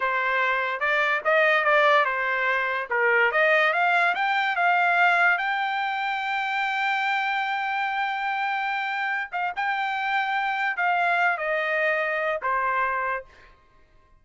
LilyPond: \new Staff \with { instrumentName = "trumpet" } { \time 4/4 \tempo 4 = 145 c''2 d''4 dis''4 | d''4 c''2 ais'4 | dis''4 f''4 g''4 f''4~ | f''4 g''2.~ |
g''1~ | g''2~ g''8 f''8 g''4~ | g''2 f''4. dis''8~ | dis''2 c''2 | }